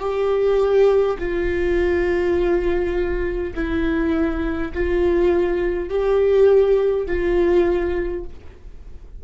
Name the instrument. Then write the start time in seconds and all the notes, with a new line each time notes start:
viola
0.00 G4
1.18 F4
3.55 E4
4.73 F4
5.89 G4
7.06 F4